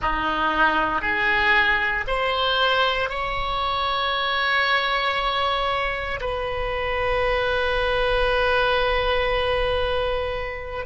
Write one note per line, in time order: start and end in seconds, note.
0.01 1.01 D#4
1.01 2.05 G#4
2.07 3.09 C5
3.09 6.20 C#5
6.20 10.85 B4